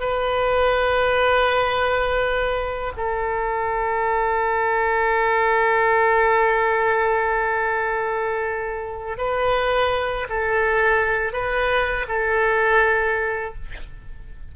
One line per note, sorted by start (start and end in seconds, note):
0.00 2.93 B4
2.97 9.17 A4
9.17 10.27 B4
10.29 11.32 A4
11.32 12.06 B4
12.08 13.54 A4